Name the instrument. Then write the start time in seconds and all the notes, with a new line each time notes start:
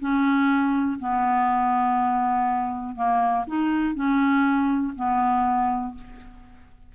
clarinet
0.00 C#4
1.00 B3
2.96 A#3
3.47 D#4
3.95 C#4
4.96 B3